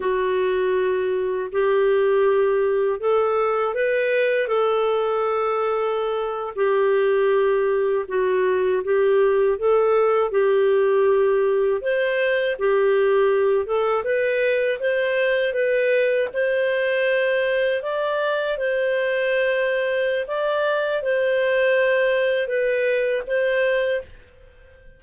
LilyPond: \new Staff \with { instrumentName = "clarinet" } { \time 4/4 \tempo 4 = 80 fis'2 g'2 | a'4 b'4 a'2~ | a'8. g'2 fis'4 g'16~ | g'8. a'4 g'2 c''16~ |
c''8. g'4. a'8 b'4 c''16~ | c''8. b'4 c''2 d''16~ | d''8. c''2~ c''16 d''4 | c''2 b'4 c''4 | }